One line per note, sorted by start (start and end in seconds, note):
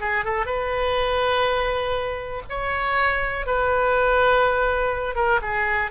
0.00 0.24 G#4
0.24 0.45 A4
0.45 2.42 B4
2.49 3.46 C#5
3.46 5.15 B4
5.15 5.40 A#4
5.41 5.90 G#4